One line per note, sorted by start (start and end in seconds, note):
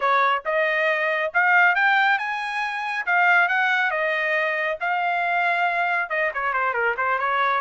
0.00 0.43 C#5
0.45 1.32 D#5
1.33 1.75 F5
1.75 2.18 G5
2.18 3.05 G#5
3.06 3.48 F5
3.48 3.91 F#5
3.91 4.77 D#5
4.80 6.09 F5
6.09 6.31 D#5
6.34 6.53 C#5
6.53 6.73 C5
6.73 6.95 A#4
6.97 7.18 C5
7.18 7.60 C#5